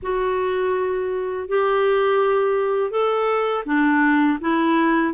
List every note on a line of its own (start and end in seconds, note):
0.02 1.48 F#4
1.48 2.91 G4
2.91 3.64 A4
3.66 4.39 D4
4.41 5.13 E4